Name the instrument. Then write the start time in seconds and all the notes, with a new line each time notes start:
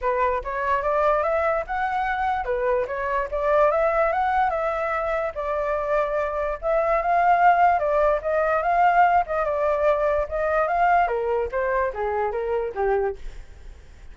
flute
0.01 B4
0.44 C#5
0.82 D5
1.23 E5
1.66 F#5
2.45 B4
2.87 C#5
3.31 D5
3.71 E5
4.12 F#5
4.50 E5
5.35 D5
6.61 E5
7.02 F5
7.79 D5
8.22 D#5
8.62 F5
9.26 D#5
9.44 D5
10.29 D#5
10.67 F5
11.07 A#4
11.51 C5
11.93 G#4
12.31 A#4
12.75 G4